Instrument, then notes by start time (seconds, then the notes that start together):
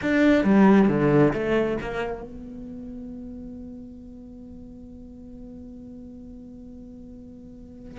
cello
0.02 D4
0.44 G3
0.88 D3
1.33 A3
1.81 A#3
2.22 B3